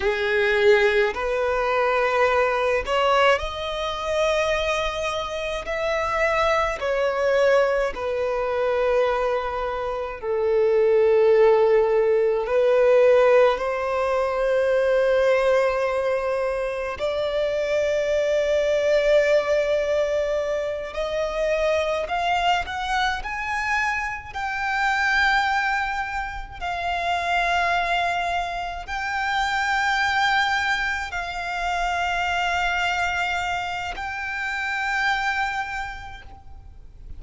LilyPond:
\new Staff \with { instrumentName = "violin" } { \time 4/4 \tempo 4 = 53 gis'4 b'4. cis''8 dis''4~ | dis''4 e''4 cis''4 b'4~ | b'4 a'2 b'4 | c''2. d''4~ |
d''2~ d''8 dis''4 f''8 | fis''8 gis''4 g''2 f''8~ | f''4. g''2 f''8~ | f''2 g''2 | }